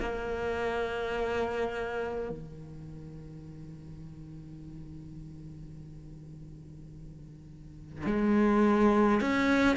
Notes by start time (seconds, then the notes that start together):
0.00 A#3
2.30 D#3
8.06 G#3
9.21 C#4